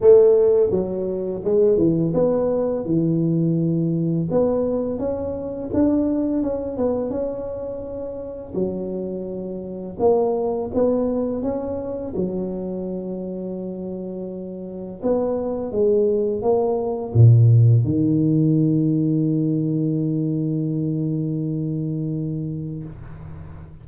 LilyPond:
\new Staff \with { instrumentName = "tuba" } { \time 4/4 \tempo 4 = 84 a4 fis4 gis8 e8 b4 | e2 b4 cis'4 | d'4 cis'8 b8 cis'2 | fis2 ais4 b4 |
cis'4 fis2.~ | fis4 b4 gis4 ais4 | ais,4 dis2.~ | dis1 | }